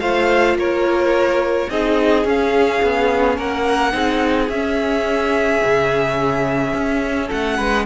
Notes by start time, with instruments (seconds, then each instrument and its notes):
0.00 cello A3, viola F4, violin C5 F5
0.55 cello A#3, violin A#4 C#5
1.70 cello C4, viola D#4, violin G#4 D#5
2.25 cello C#4, viola C#4, violin F5
2.82 cello B3
3.37 cello A#3, violin A#4 F#5
3.92 cello C4, viola D#4, violin G#4
4.49 cello C#4, viola C#4, violin E5
5.64 cello C#3
6.74 cello C#4
7.26 cello A3, violin A4 F#5
7.57 cello G#3, violin B4